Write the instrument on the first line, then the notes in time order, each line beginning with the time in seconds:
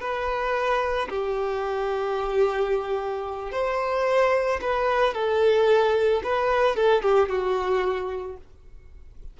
violin
0.00 B4
1.09 G4
3.51 C5
4.61 B4
5.14 A4
6.23 B4
6.76 A4
7.02 G4
7.29 F#4